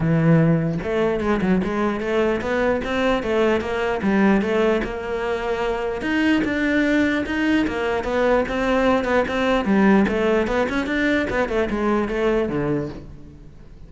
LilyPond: \new Staff \with { instrumentName = "cello" } { \time 4/4 \tempo 4 = 149 e2 a4 gis8 fis8 | gis4 a4 b4 c'4 | a4 ais4 g4 a4 | ais2. dis'4 |
d'2 dis'4 ais4 | b4 c'4. b8 c'4 | g4 a4 b8 cis'8 d'4 | b8 a8 gis4 a4 d4 | }